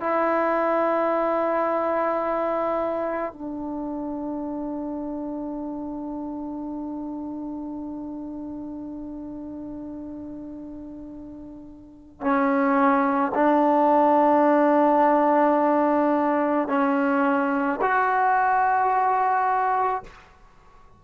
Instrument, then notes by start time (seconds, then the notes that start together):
trombone
0.00 E4
3.33 D4
12.21 C#4
13.35 D4
16.68 C#4
17.81 F#4